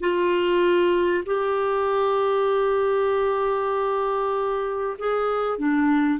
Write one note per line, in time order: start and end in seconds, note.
0.00 1.24 F4
1.25 4.97 G4
4.98 5.58 G#4
5.58 6.19 D4